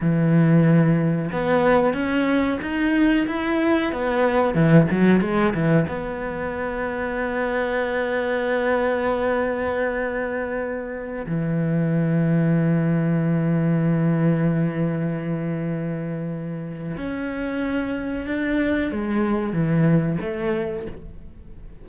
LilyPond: \new Staff \with { instrumentName = "cello" } { \time 4/4 \tempo 4 = 92 e2 b4 cis'4 | dis'4 e'4 b4 e8 fis8 | gis8 e8 b2.~ | b1~ |
b4~ b16 e2~ e8.~ | e1~ | e2 cis'2 | d'4 gis4 e4 a4 | }